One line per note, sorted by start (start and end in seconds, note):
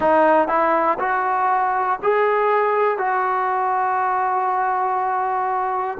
0.00 0.48 D#4
0.48 0.98 E4
0.99 1.99 F#4
2.03 2.98 G#4
2.98 5.98 F#4